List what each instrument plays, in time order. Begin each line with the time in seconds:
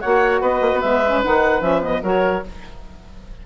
0.00 bassoon A#3, saxophone F#4, oboe C#5, clarinet F#5
0.41 bassoon B3, oboe B4, clarinet D#5
0.61 bassoon A#3
0.73 bassoon B3
0.80 bassoon G#3, saxophone B3, clarinet E5
1.06 saxophone C#4
1.23 bassoon D#3, saxophone D#4, clarinet F#5
1.60 bassoon F3, saxophone C#4, clarinet E5
1.81 saxophone B3, clarinet D#5
2.02 bassoon F#3, saxophone F#4, oboe A#4, clarinet C#5